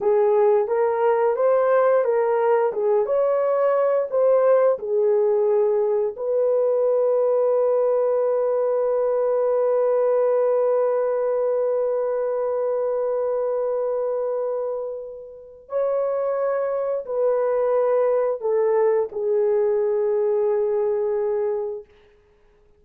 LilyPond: \new Staff \with { instrumentName = "horn" } { \time 4/4 \tempo 4 = 88 gis'4 ais'4 c''4 ais'4 | gis'8 cis''4. c''4 gis'4~ | gis'4 b'2.~ | b'1~ |
b'1~ | b'2. cis''4~ | cis''4 b'2 a'4 | gis'1 | }